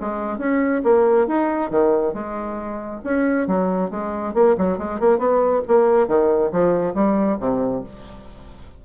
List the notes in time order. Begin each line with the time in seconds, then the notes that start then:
0.00 G#3
0.38 C#4
0.83 A#3
1.27 D#4
1.70 D#3
2.13 G#3
3.04 C#4
3.47 F#3
3.90 G#3
4.34 A#3
4.57 F#3
4.78 G#3
5.00 A#3
5.18 B3
5.68 A#3
6.07 D#3
6.52 F3
6.94 G3
7.40 C3